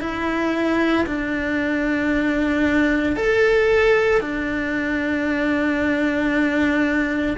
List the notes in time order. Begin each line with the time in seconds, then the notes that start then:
0.00 E4
1.06 D4
3.16 A4
4.21 D4